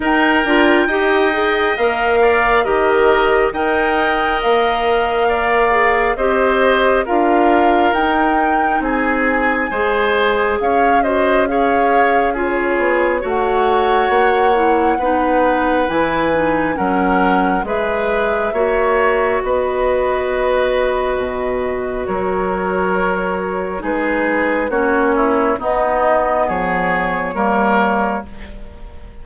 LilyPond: <<
  \new Staff \with { instrumentName = "flute" } { \time 4/4 \tempo 4 = 68 g''2 f''4 dis''4 | g''4 f''2 dis''4 | f''4 g''4 gis''2 | f''8 dis''8 f''4 cis''4 fis''4~ |
fis''2 gis''4 fis''4 | e''2 dis''2~ | dis''4 cis''2 b'4 | cis''4 dis''4 cis''2 | }
  \new Staff \with { instrumentName = "oboe" } { \time 4/4 ais'4 dis''4. d''8 ais'4 | dis''2 d''4 c''4 | ais'2 gis'4 c''4 | cis''8 c''8 cis''4 gis'4 cis''4~ |
cis''4 b'2 ais'4 | b'4 cis''4 b'2~ | b'4 ais'2 gis'4 | fis'8 e'8 dis'4 gis'4 ais'4 | }
  \new Staff \with { instrumentName = "clarinet" } { \time 4/4 dis'8 f'8 g'8 gis'8 ais'4 g'4 | ais'2~ ais'8 gis'8 g'4 | f'4 dis'2 gis'4~ | gis'8 fis'8 gis'4 f'4 fis'4~ |
fis'8 e'8 dis'4 e'8 dis'8 cis'4 | gis'4 fis'2.~ | fis'2. dis'4 | cis'4 b2 ais4 | }
  \new Staff \with { instrumentName = "bassoon" } { \time 4/4 dis'8 d'8 dis'4 ais4 dis4 | dis'4 ais2 c'4 | d'4 dis'4 c'4 gis4 | cis'2~ cis'8 b8 a4 |
ais4 b4 e4 fis4 | gis4 ais4 b2 | b,4 fis2 gis4 | ais4 b4 f4 g4 | }
>>